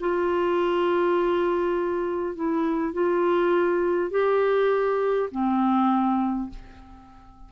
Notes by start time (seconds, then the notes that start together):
0.00 F4
2.35 E4
2.94 F4
4.11 G4
5.31 C4